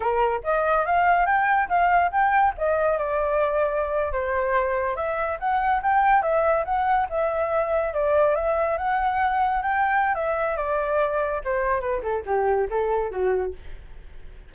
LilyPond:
\new Staff \with { instrumentName = "flute" } { \time 4/4 \tempo 4 = 142 ais'4 dis''4 f''4 g''4 | f''4 g''4 dis''4 d''4~ | d''4.~ d''16 c''2 e''16~ | e''8. fis''4 g''4 e''4 fis''16~ |
fis''8. e''2 d''4 e''16~ | e''8. fis''2 g''4~ g''16 | e''4 d''2 c''4 | b'8 a'8 g'4 a'4 fis'4 | }